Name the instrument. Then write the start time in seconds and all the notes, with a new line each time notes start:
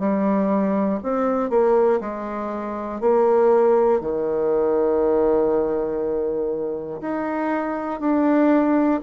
bassoon
0.00 G3
1.04 C4
1.50 A#3
2.01 G#3
3.01 A#3
4.01 D#3
7.01 D#4
8.01 D4